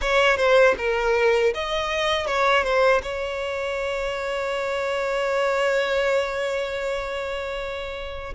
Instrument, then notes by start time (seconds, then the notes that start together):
violin
0.01 C#5
0.36 C5
0.77 A#4
1.54 D#5
2.26 C#5
2.63 C5
3.02 C#5